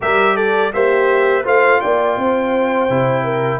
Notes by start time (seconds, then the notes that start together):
0.00 G3 G4 A#4 E5
0.35 A4 D5
0.72 A#3 G4 C5 E5
1.44 A3 F4 C5 F5
1.80 A#3 D5 G5
2.17 C4 C5
2.89 C3 E4
3.23 A#4